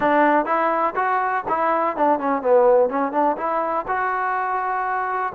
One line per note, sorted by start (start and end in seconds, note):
0.00 0.45 D4
0.45 0.94 E4
0.95 1.44 F#4
1.48 1.96 E4
1.96 2.19 D4
2.19 2.41 C#4
2.41 2.89 B3
2.89 3.12 C#4
3.12 3.36 D4
3.37 3.85 E4
3.87 5.32 F#4